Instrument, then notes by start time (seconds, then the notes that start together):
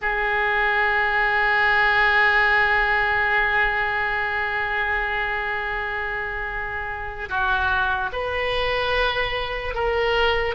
oboe
0.01 G#4
7.29 F#4
8.12 B4
9.74 A#4